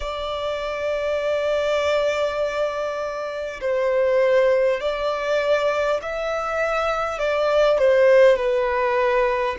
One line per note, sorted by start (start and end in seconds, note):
0.00 3.60 D5
3.61 4.80 C5
4.80 6.00 D5
6.02 7.18 E5
7.18 7.78 D5
7.78 8.36 C5
8.36 9.56 B4